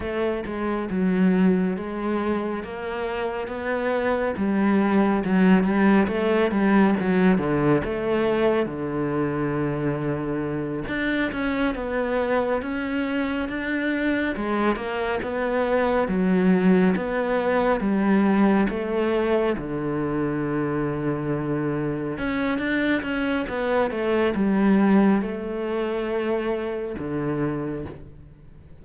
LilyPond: \new Staff \with { instrumentName = "cello" } { \time 4/4 \tempo 4 = 69 a8 gis8 fis4 gis4 ais4 | b4 g4 fis8 g8 a8 g8 | fis8 d8 a4 d2~ | d8 d'8 cis'8 b4 cis'4 d'8~ |
d'8 gis8 ais8 b4 fis4 b8~ | b8 g4 a4 d4.~ | d4. cis'8 d'8 cis'8 b8 a8 | g4 a2 d4 | }